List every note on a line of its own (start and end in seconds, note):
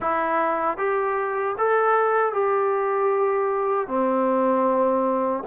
0.00 0.77 E4
0.77 1.55 G4
1.58 2.32 A4
2.32 3.87 G4
3.87 5.43 C4